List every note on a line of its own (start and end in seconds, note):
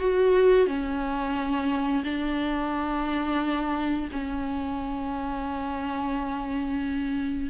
0.00 0.67 F#4
0.67 2.04 C#4
2.04 4.09 D4
4.12 7.50 C#4